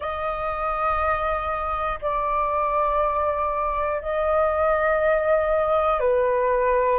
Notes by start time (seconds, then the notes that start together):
0.00 D#5
2.01 D5
4.01 D#5
6.00 B4